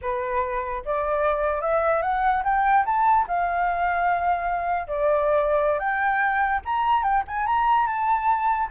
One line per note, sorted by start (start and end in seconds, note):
0.01 0.83 B4
0.85 1.61 D5
1.61 2.02 E5
2.02 2.43 F#5
2.44 2.84 G5
2.85 3.26 A5
3.27 4.87 F5
4.87 5.79 D5
5.79 6.60 G5
6.65 7.03 A#5
7.03 7.23 G5
7.27 7.46 G#5
7.46 7.87 A#5
7.87 8.68 A5